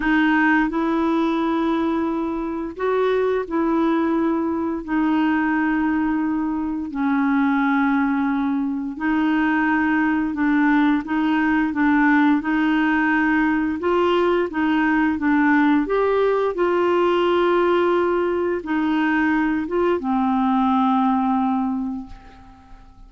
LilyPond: \new Staff \with { instrumentName = "clarinet" } { \time 4/4 \tempo 4 = 87 dis'4 e'2. | fis'4 e'2 dis'4~ | dis'2 cis'2~ | cis'4 dis'2 d'4 |
dis'4 d'4 dis'2 | f'4 dis'4 d'4 g'4 | f'2. dis'4~ | dis'8 f'8 c'2. | }